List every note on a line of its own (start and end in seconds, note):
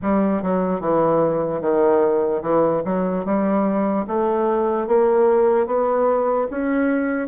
0.01 0.42 G3
0.42 0.80 F#3
0.80 1.61 E3
1.61 2.42 D#3
2.42 2.82 E3
2.84 3.25 F#3
3.25 4.06 G3
4.07 4.86 A3
4.86 5.66 A#3
5.66 6.47 B3
6.50 7.28 C#4